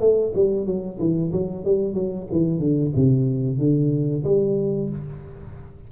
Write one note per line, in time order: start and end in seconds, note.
0.00 0.33 A3
0.35 0.66 G3
0.66 0.98 F#3
0.99 1.32 E3
1.32 1.65 F#3
1.65 1.94 G3
1.94 2.26 F#3
2.32 2.59 E3
2.59 2.92 D3
2.95 3.58 C3
3.58 4.24 D3
4.24 4.89 G3